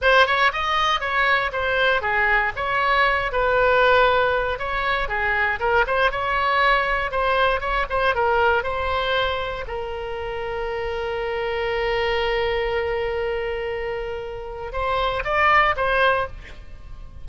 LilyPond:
\new Staff \with { instrumentName = "oboe" } { \time 4/4 \tempo 4 = 118 c''8 cis''8 dis''4 cis''4 c''4 | gis'4 cis''4. b'4.~ | b'4 cis''4 gis'4 ais'8 c''8 | cis''2 c''4 cis''8 c''8 |
ais'4 c''2 ais'4~ | ais'1~ | ais'1~ | ais'4 c''4 d''4 c''4 | }